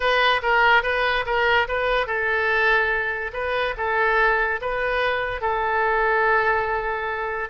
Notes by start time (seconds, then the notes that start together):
0.00 B4
0.42 A#4
0.83 B4
1.26 A#4
1.68 B4
2.06 A4
3.33 B4
3.77 A4
4.61 B4
5.41 A4